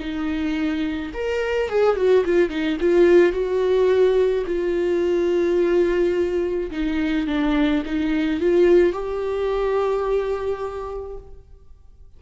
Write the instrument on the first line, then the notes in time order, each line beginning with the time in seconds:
viola
0.00 D#4
1.14 A#4
1.69 G#4
1.96 F#4
2.25 F4
2.50 D#4
2.80 F4
3.33 F#4
4.47 F4
6.71 D#4
7.27 D4
7.86 D#4
8.41 F4
8.93 G4